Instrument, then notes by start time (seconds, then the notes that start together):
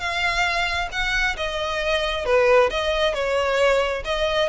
violin
0.00 F5
0.92 F#5
1.37 D#5
2.26 B4
2.71 D#5
3.14 C#5
4.05 D#5